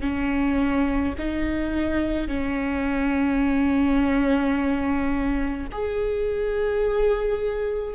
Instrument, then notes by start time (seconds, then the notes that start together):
viola
0.00 C#4
1.18 D#4
2.27 C#4
5.71 G#4